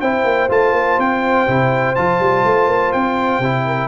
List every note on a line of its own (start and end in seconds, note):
0.00 0.24 C4
0.00 0.49 E4
0.00 3.65 C5
0.00 0.49 G5
0.24 0.48 A#3
0.48 0.72 A3
0.48 1.46 F4
0.48 1.00 A5
0.72 0.96 A#3
0.98 1.47 C4
0.98 1.95 G5
1.47 1.96 C3
1.47 1.95 E4
1.95 2.19 F3
1.95 3.42 F4
1.95 2.92 A5
2.19 2.43 G3
2.45 2.67 A3
2.67 2.91 A#3
2.92 3.39 C4
2.92 3.87 G5
3.39 3.87 C3
3.39 3.87 E4
3.65 3.87 A#4